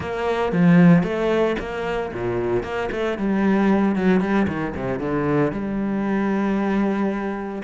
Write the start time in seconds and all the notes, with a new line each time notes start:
0.00 A#3
0.52 F3
1.03 A3
1.59 A#3
2.13 A#2
2.63 A#3
2.91 A3
3.18 G3
3.95 F#3
4.20 G3
4.47 D#3
4.75 C3
4.99 D3
5.51 G3